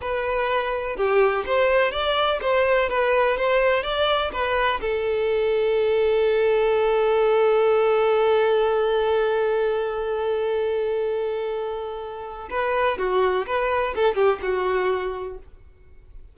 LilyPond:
\new Staff \with { instrumentName = "violin" } { \time 4/4 \tempo 4 = 125 b'2 g'4 c''4 | d''4 c''4 b'4 c''4 | d''4 b'4 a'2~ | a'1~ |
a'1~ | a'1~ | a'2 b'4 fis'4 | b'4 a'8 g'8 fis'2 | }